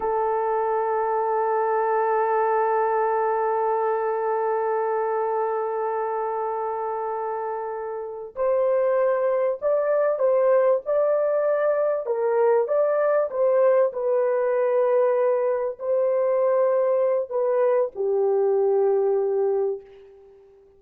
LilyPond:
\new Staff \with { instrumentName = "horn" } { \time 4/4 \tempo 4 = 97 a'1~ | a'1~ | a'1~ | a'4. c''2 d''8~ |
d''8 c''4 d''2 ais'8~ | ais'8 d''4 c''4 b'4.~ | b'4. c''2~ c''8 | b'4 g'2. | }